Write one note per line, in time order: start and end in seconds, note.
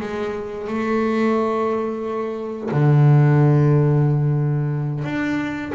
0.00 0.67 G#3
0.67 2.70 A3
2.71 5.04 D3
5.04 5.72 D4